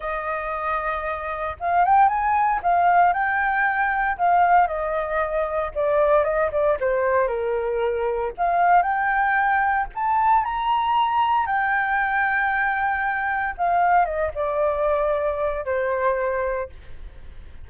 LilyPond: \new Staff \with { instrumentName = "flute" } { \time 4/4 \tempo 4 = 115 dis''2. f''8 g''8 | gis''4 f''4 g''2 | f''4 dis''2 d''4 | dis''8 d''8 c''4 ais'2 |
f''4 g''2 a''4 | ais''2 g''2~ | g''2 f''4 dis''8 d''8~ | d''2 c''2 | }